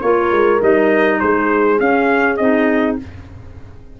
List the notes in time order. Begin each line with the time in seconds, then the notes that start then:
0.00 A#3 F4 A#4 C#5
0.31 G#3
0.60 G3 D#4 D#5
1.20 G#3 G#4 C5
1.78 C#4 F5
2.36 C4 D#4 D#5